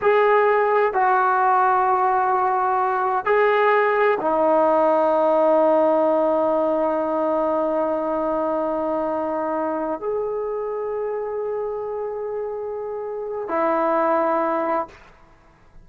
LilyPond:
\new Staff \with { instrumentName = "trombone" } { \time 4/4 \tempo 4 = 129 gis'2 fis'2~ | fis'2. gis'4~ | gis'4 dis'2.~ | dis'1~ |
dis'1~ | dis'4. gis'2~ gis'8~ | gis'1~ | gis'4 e'2. | }